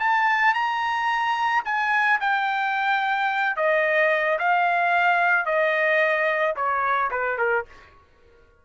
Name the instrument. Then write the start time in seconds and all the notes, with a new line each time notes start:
trumpet
0.00 A5
0.55 A#5
1.65 G#5
2.21 G5
3.57 D#5
4.39 F5
5.46 D#5
6.56 C#5
7.11 B4
7.38 A#4